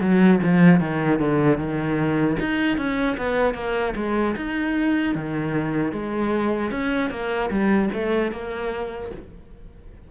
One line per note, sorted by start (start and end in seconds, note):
0.00 0.39 F#3
0.43 0.80 F3
0.80 1.19 D#3
1.19 1.57 D3
1.57 2.36 D#3
2.40 2.77 D#4
2.77 3.17 C#4
3.17 3.54 B3
3.54 3.93 A#3
3.95 4.35 G#3
4.36 5.15 D#4
5.15 5.92 D#3
5.92 6.70 G#3
6.70 7.10 C#4
7.10 7.49 A#3
7.50 7.89 G3
7.93 8.31 A3
8.31 9.10 A#3